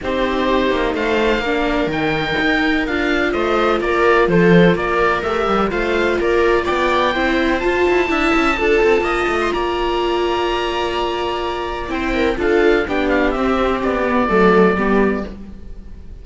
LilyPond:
<<
  \new Staff \with { instrumentName = "oboe" } { \time 4/4 \tempo 4 = 126 c''2 f''2 | g''2 f''4 dis''4 | d''4 c''4 d''4 e''4 | f''4 d''4 g''2 |
a''2.~ a''8. c'''16 | ais''1~ | ais''4 g''4 f''4 g''8 f''8 | e''4 d''2. | }
  \new Staff \with { instrumentName = "viola" } { \time 4/4 g'2 c''4 ais'4~ | ais'2. c''4 | ais'4 a'4 ais'2 | c''4 ais'4 d''4 c''4~ |
c''4 e''4 a'4 dis''4 | d''1~ | d''4 c''8 ais'8 a'4 g'4~ | g'2 a'4 g'4 | }
  \new Staff \with { instrumentName = "viola" } { \time 4/4 dis'2. d'4 | dis'2 f'2~ | f'2. g'4 | f'2. e'4 |
f'4 e'4 f'2~ | f'1~ | f'4 e'4 f'4 d'4 | c'4. b8 a4 b4 | }
  \new Staff \with { instrumentName = "cello" } { \time 4/4 c'4. ais8 a4 ais4 | dis4 dis'4 d'4 a4 | ais4 f4 ais4 a8 g8 | a4 ais4 b4 c'4 |
f'8 e'8 d'8 cis'8 d'8 c'8 ais8 a8 | ais1~ | ais4 c'4 d'4 b4 | c'4 b4 fis4 g4 | }
>>